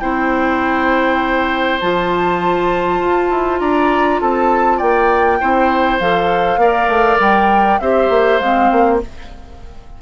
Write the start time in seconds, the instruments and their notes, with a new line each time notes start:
0.00 bassoon C4, clarinet E4, oboe C5, flute G5
1.81 bassoon F3, clarinet F4, flute A5
3.01 bassoon F4
3.30 bassoon E4
3.60 bassoon D4, oboe D5, flute A#5
4.21 bassoon C4, oboe A4, flute A5
4.78 bassoon A#3, oboe D5, flute G5
5.41 bassoon C4, clarinet E4, oboe C5
6.00 bassoon F3, clarinet A4, flute F5
6.57 bassoon A#3, clarinet A#4, oboe D5
6.88 bassoon A3
7.19 bassoon G3, flute G5
7.80 bassoon C4, clarinet G4, oboe C5, flute E5
8.10 bassoon A#3
8.39 bassoon G#3, clarinet C4, flute F5
8.72 bassoon A#3